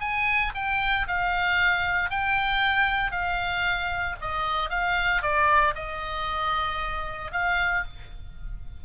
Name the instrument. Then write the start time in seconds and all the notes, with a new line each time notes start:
oboe
0.00 G#5
0.54 G5
1.07 F5
2.10 G5
3.11 F5
4.20 D#5
4.70 F5
5.22 D5
5.75 D#5
7.31 F5